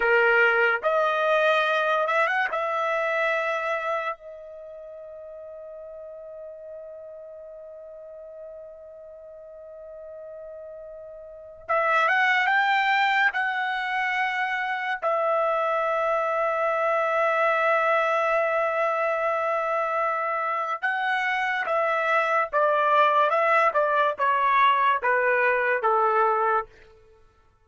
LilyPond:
\new Staff \with { instrumentName = "trumpet" } { \time 4/4 \tempo 4 = 72 ais'4 dis''4. e''16 fis''16 e''4~ | e''4 dis''2.~ | dis''1~ | dis''2 e''8 fis''8 g''4 |
fis''2 e''2~ | e''1~ | e''4 fis''4 e''4 d''4 | e''8 d''8 cis''4 b'4 a'4 | }